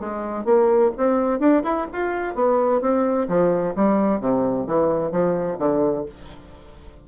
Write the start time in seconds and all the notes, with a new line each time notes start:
0.00 G#3
0.45 A#3
0.97 C4
1.40 D4
1.63 E4
1.92 F4
2.34 B3
2.81 C4
3.28 F3
3.75 G3
4.20 C3
4.67 E3
5.11 F3
5.59 D3